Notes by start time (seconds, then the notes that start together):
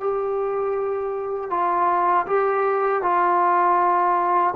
0.00 G4
1.51 F4
2.27 G4
3.03 F4